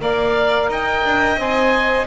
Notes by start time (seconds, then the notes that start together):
0.00 A#3 A#4 D5 F5
0.68 D#4 D#5 G5
1.04 D4
1.36 C4 C5 G#5